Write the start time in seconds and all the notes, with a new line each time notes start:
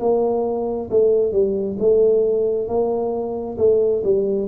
0.00 A#3
0.90 A3
1.32 G3
1.79 A3
2.68 A#3
3.58 A3
4.04 G3